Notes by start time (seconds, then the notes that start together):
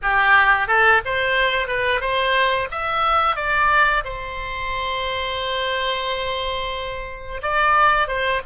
0.02 G4
0.67 A4
1.05 C5
1.67 B4
2.00 C5
2.71 E5
3.36 D5
4.04 C5
7.42 D5
8.07 C5